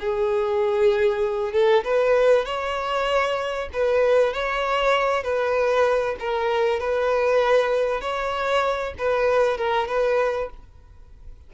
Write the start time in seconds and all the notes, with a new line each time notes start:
0.00 G#4
1.53 A4
1.85 B4
2.46 C#5
3.73 B4
4.34 C#5
5.24 B4
6.20 A#4
6.80 B4
8.02 C#5
8.99 B4
9.58 A#4
9.88 B4